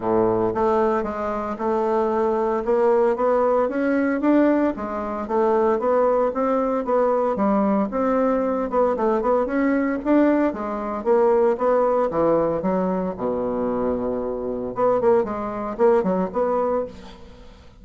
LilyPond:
\new Staff \with { instrumentName = "bassoon" } { \time 4/4 \tempo 4 = 114 a,4 a4 gis4 a4~ | a4 ais4 b4 cis'4 | d'4 gis4 a4 b4 | c'4 b4 g4 c'4~ |
c'8 b8 a8 b8 cis'4 d'4 | gis4 ais4 b4 e4 | fis4 b,2. | b8 ais8 gis4 ais8 fis8 b4 | }